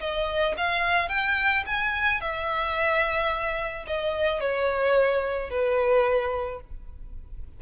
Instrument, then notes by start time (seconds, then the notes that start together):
violin
0.00 D#5
0.57 F5
1.09 G5
1.66 G#5
2.21 E5
3.87 D#5
4.40 C#5
5.50 B4